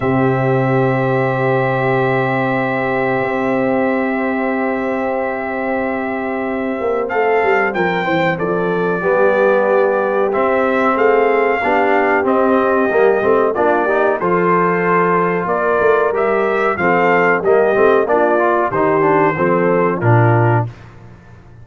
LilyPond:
<<
  \new Staff \with { instrumentName = "trumpet" } { \time 4/4 \tempo 4 = 93 e''1~ | e''1~ | e''2. f''4 | g''4 d''2. |
e''4 f''2 dis''4~ | dis''4 d''4 c''2 | d''4 e''4 f''4 dis''4 | d''4 c''2 ais'4 | }
  \new Staff \with { instrumentName = "horn" } { \time 4/4 g'1~ | g'1~ | g'2. a'4 | ais'8 c''8 a'4 g'2~ |
g'4 gis'4 g'2~ | g'4 f'8 g'8 a'2 | ais'2 a'4 g'4 | f'4 g'4 a'4 f'4 | }
  \new Staff \with { instrumentName = "trombone" } { \time 4/4 c'1~ | c'1~ | c'1~ | c'2 b2 |
c'2 d'4 c'4 | ais8 c'8 d'8 dis'8 f'2~ | f'4 g'4 c'4 ais8 c'8 | d'8 f'8 dis'8 d'8 c'4 d'4 | }
  \new Staff \with { instrumentName = "tuba" } { \time 4/4 c1~ | c4 c'2.~ | c'2~ c'8 ais8 a8 g8 | f8 e8 f4 g2 |
c'4 a4 b4 c'4 | g8 a8 ais4 f2 | ais8 a8 g4 f4 g8 a8 | ais4 dis4 f4 ais,4 | }
>>